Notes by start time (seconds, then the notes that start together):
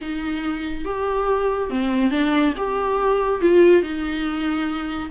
0.01 D#4
0.84 G4
1.70 C4
2.11 D4
2.57 G4
3.41 F4
3.82 D#4